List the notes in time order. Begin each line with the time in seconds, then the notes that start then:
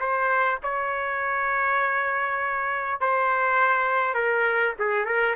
0.00 C5
0.63 C#5
3.01 C5
4.14 A#4
4.80 G#4
5.06 A#4